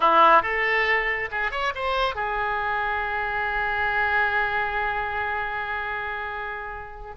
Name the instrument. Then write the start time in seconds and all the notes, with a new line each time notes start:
oboe
0.00 E4
0.42 A4
1.31 G#4
1.51 C#5
1.75 C5
2.15 G#4